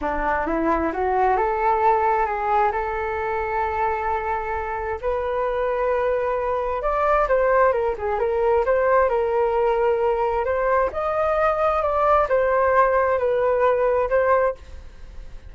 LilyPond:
\new Staff \with { instrumentName = "flute" } { \time 4/4 \tempo 4 = 132 d'4 e'4 fis'4 a'4~ | a'4 gis'4 a'2~ | a'2. b'4~ | b'2. d''4 |
c''4 ais'8 gis'8 ais'4 c''4 | ais'2. c''4 | dis''2 d''4 c''4~ | c''4 b'2 c''4 | }